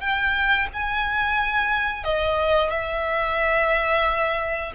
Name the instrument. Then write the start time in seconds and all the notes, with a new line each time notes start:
violin
0.00 G5
0.73 G#5
2.03 D#5
2.70 E5